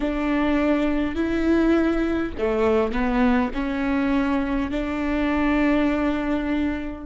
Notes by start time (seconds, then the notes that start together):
0.00 D4
1.15 E4
2.37 A3
2.91 B3
3.53 C#4
4.71 D4